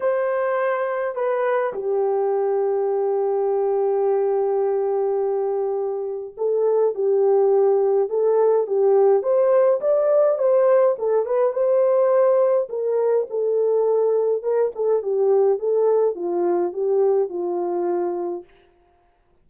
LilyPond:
\new Staff \with { instrumentName = "horn" } { \time 4/4 \tempo 4 = 104 c''2 b'4 g'4~ | g'1~ | g'2. a'4 | g'2 a'4 g'4 |
c''4 d''4 c''4 a'8 b'8 | c''2 ais'4 a'4~ | a'4 ais'8 a'8 g'4 a'4 | f'4 g'4 f'2 | }